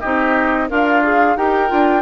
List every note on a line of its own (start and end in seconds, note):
0.00 0.70 C4
0.00 0.69 D#4
0.00 0.67 G4
0.00 0.68 D#5
0.69 1.37 D4
0.69 1.37 F4
0.69 1.02 A#4
0.69 1.36 F5
1.03 1.37 G#4
1.36 1.70 D#4
1.36 1.68 G4
1.36 2.02 A#4
1.36 2.02 G5
1.68 2.02 D4
1.68 2.02 F4